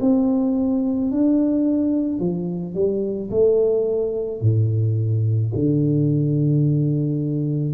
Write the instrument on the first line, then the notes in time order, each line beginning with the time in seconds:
tuba
0.00 C4
1.11 D4
2.19 F3
2.74 G3
3.30 A3
4.41 A2
5.54 D3